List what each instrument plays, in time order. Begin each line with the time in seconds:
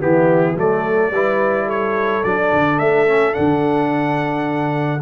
0.00 tuba E3, trombone B3, horn E4, trumpet G4
0.55 tuba F#3, trombone A3, horn A4, trumpet D5
1.11 tuba G3, trombone E4, horn B4
1.65 horn A4, trumpet C#5
2.23 tuba F#3, trombone D4, trumpet D5
2.53 tuba D3
2.78 tuba A3, trumpet E5
3.07 trombone C#4
3.33 tuba D3, trombone D4, trumpet F#5